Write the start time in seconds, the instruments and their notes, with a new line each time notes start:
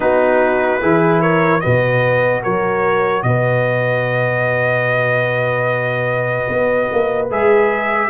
0.00 tuba B3, trombone D#4, horn F#4, trumpet B4
0.81 tuba E3, trombone E4, horn G#4
1.21 horn A#4, trumpet C#5
1.60 tuba B2, trombone F#4, horn B4, trumpet D#5
2.42 tuba F#3, horn A#4, trumpet C#5
3.22 tuba B2, horn B4, trumpet D#5
6.48 tuba B3
6.92 tuba A#3
7.30 tuba G#3, trombone G#4, trumpet E5